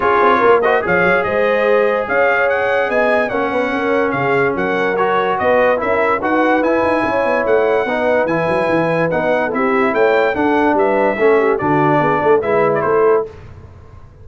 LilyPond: <<
  \new Staff \with { instrumentName = "trumpet" } { \time 4/4 \tempo 4 = 145 cis''4. dis''8 f''4 dis''4~ | dis''4 f''4 fis''4 gis''4 | fis''2 f''4 fis''4 | cis''4 dis''4 e''4 fis''4 |
gis''2 fis''2 | gis''2 fis''4 e''4 | g''4 fis''4 e''2 | d''2 e''8. d''16 c''4 | }
  \new Staff \with { instrumentName = "horn" } { \time 4/4 gis'4 ais'8 c''8 cis''4 c''4~ | c''4 cis''2 dis''4 | cis''8 b'8 ais'4 gis'4 ais'4~ | ais'4 b'4 ais'4 b'4~ |
b'4 cis''2 b'4~ | b'2~ b'8. a'16 g'4 | cis''4 a'4 b'4 a'8 g'8 | fis'4 gis'8 a'8 b'4 a'4 | }
  \new Staff \with { instrumentName = "trombone" } { \time 4/4 f'4. fis'8 gis'2~ | gis'1 | cis'1 | fis'2 e'4 fis'4 |
e'2. dis'4 | e'2 dis'4 e'4~ | e'4 d'2 cis'4 | d'2 e'2 | }
  \new Staff \with { instrumentName = "tuba" } { \time 4/4 cis'8 c'8 ais4 f8 fis8 gis4~ | gis4 cis'2 b4 | ais8 b8 cis'4 cis4 fis4~ | fis4 b4 cis'4 dis'4 |
e'8 dis'8 cis'8 b8 a4 b4 | e8 fis8 e4 b4 c'4 | a4 d'4 g4 a4 | d4 b8 a8 gis4 a4 | }
>>